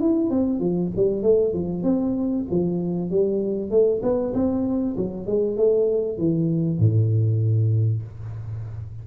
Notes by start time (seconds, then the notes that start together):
0.00 E4
0.30 C4
0.60 F3
0.96 G3
1.23 A3
1.53 F3
1.83 C4
2.51 F3
3.10 G3
3.70 A3
4.02 B3
4.34 C4
4.96 F#3
5.26 G#3
5.57 A3
6.18 E3
6.79 A2